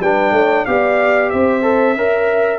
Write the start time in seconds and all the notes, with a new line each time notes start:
0.00 G3 D4 B4 G5
0.32 A3 C#5
0.66 B3 G4 D5 F5
1.30 C4 C5 E5
1.63 A4
1.97 C#4 A#4 E5